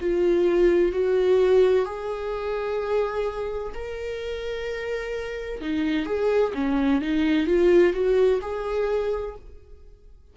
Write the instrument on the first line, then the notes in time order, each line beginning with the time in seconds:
viola
0.00 F4
0.92 F#4
1.85 G#4
3.74 A#4
5.61 D#4
6.06 G#4
6.54 C#4
7.01 D#4
7.47 F4
7.93 F#4
8.42 G#4